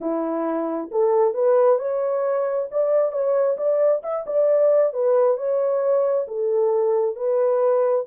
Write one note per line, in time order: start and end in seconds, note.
0.00 0.90 E4
0.91 1.34 A4
1.34 1.78 B4
1.78 2.68 C#5
2.71 3.12 D5
3.12 3.57 C#5
3.57 4.01 D5
4.03 4.25 E5
4.26 4.93 D5
4.93 5.37 B4
5.37 6.26 C#5
6.27 7.15 A4
7.15 8.05 B4